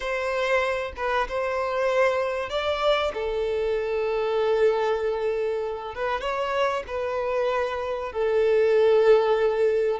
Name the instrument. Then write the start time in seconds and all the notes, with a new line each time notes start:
violin
0.00 C5
0.96 B4
1.28 C5
2.49 D5
3.14 A4
5.95 B4
6.20 C#5
6.87 B4
8.12 A4